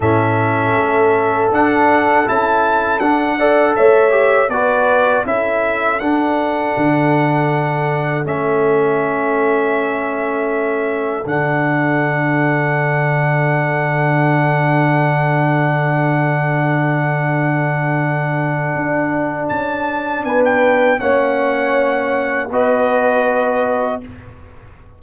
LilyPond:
<<
  \new Staff \with { instrumentName = "trumpet" } { \time 4/4 \tempo 4 = 80 e''2 fis''4 a''4 | fis''4 e''4 d''4 e''4 | fis''2. e''4~ | e''2. fis''4~ |
fis''1~ | fis''1~ | fis''2 a''4 gis''16 g''8. | fis''2 dis''2 | }
  \new Staff \with { instrumentName = "horn" } { \time 4/4 a'1~ | a'8 d''8 cis''4 b'4 a'4~ | a'1~ | a'1~ |
a'1~ | a'1~ | a'2. b'4 | cis''2 b'2 | }
  \new Staff \with { instrumentName = "trombone" } { \time 4/4 cis'2 d'4 e'4 | d'8 a'4 g'8 fis'4 e'4 | d'2. cis'4~ | cis'2. d'4~ |
d'1~ | d'1~ | d'1 | cis'2 fis'2 | }
  \new Staff \with { instrumentName = "tuba" } { \time 4/4 a,4 a4 d'4 cis'4 | d'4 a4 b4 cis'4 | d'4 d2 a4~ | a2. d4~ |
d1~ | d1~ | d4 d'4 cis'4 b4 | ais2 b2 | }
>>